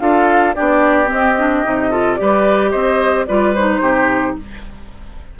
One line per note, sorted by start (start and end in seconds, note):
0.00 0.55 D4
0.00 0.55 F4
0.00 0.56 A4
0.00 0.55 F5
0.55 1.11 B3
0.55 1.06 D4
0.55 1.91 G4
0.55 1.10 D5
1.06 1.33 C4
1.06 1.65 C4
1.06 2.16 D#5
1.39 1.65 D4
1.65 2.20 C3
1.65 1.92 D#4
1.91 2.18 F4
1.91 2.18 A4
2.16 2.75 G3
2.16 3.27 G4
2.16 2.71 D5
2.22 2.72 B4
2.71 3.29 C4
2.71 3.26 C5
2.71 3.26 D#5
3.27 3.81 G3
3.27 3.55 F4
3.27 3.82 B4
3.27 3.54 D5
3.55 4.40 D#4
3.55 4.37 C5
3.81 4.35 C3
3.81 4.37 G4